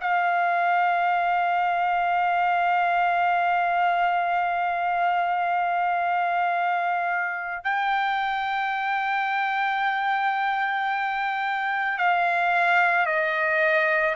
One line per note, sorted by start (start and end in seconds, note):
0.00 7.64 F5
7.64 11.98 G5
11.98 13.06 F5
13.06 14.15 D#5